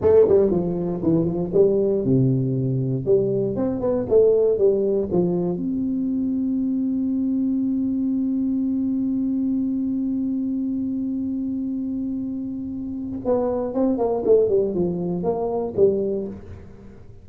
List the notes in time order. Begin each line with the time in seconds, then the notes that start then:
0.01 A3
0.28 G3
0.50 F3
1.02 E3
1.25 F3
1.53 G3
2.04 C3
3.05 G3
3.55 C4
3.80 B3
4.09 A3
4.58 G3
5.11 F3
5.56 C4
13.24 B3
13.73 C4
13.97 A#3
14.25 A3
14.48 G3
14.74 F3
15.23 A#3
15.76 G3